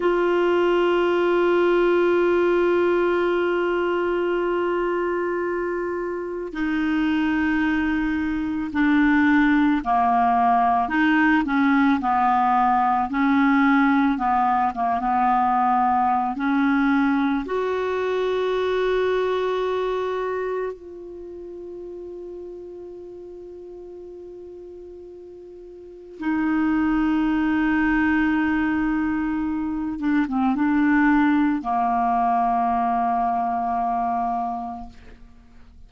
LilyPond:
\new Staff \with { instrumentName = "clarinet" } { \time 4/4 \tempo 4 = 55 f'1~ | f'2 dis'2 | d'4 ais4 dis'8 cis'8 b4 | cis'4 b8 ais16 b4~ b16 cis'4 |
fis'2. f'4~ | f'1 | dis'2.~ dis'8 d'16 c'16 | d'4 ais2. | }